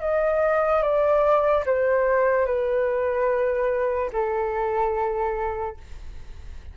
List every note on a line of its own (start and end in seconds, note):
0.00 0.82 D#5
0.82 1.64 D5
1.66 2.46 C5
2.46 4.10 B4
4.12 5.77 A4